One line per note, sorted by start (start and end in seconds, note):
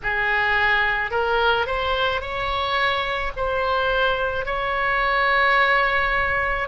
0.03 1.11 G#4
1.11 1.66 A#4
1.66 2.21 C5
2.21 3.32 C#5
3.36 4.45 C5
4.45 6.68 C#5